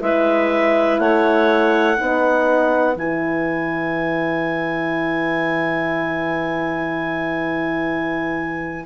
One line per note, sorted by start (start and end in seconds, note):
0.00 0.99 G#3
0.00 1.97 E4
0.00 1.01 B4
0.00 0.99 E5
0.99 1.97 A3
0.99 1.96 C#5
0.99 2.95 F#5
1.96 2.95 B3
1.96 2.95 D#4
1.96 8.85 B4
2.95 8.85 E3
2.95 8.85 E4
2.95 8.85 G#5